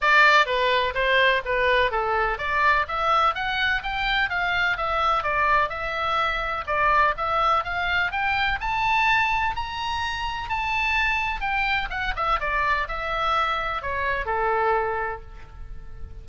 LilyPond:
\new Staff \with { instrumentName = "oboe" } { \time 4/4 \tempo 4 = 126 d''4 b'4 c''4 b'4 | a'4 d''4 e''4 fis''4 | g''4 f''4 e''4 d''4 | e''2 d''4 e''4 |
f''4 g''4 a''2 | ais''2 a''2 | g''4 fis''8 e''8 d''4 e''4~ | e''4 cis''4 a'2 | }